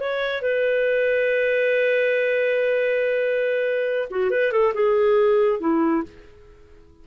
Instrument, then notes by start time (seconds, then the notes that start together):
clarinet
0.00 C#5
0.41 B4
4.10 F#4
4.30 B4
4.52 A4
4.74 G#4
5.60 E4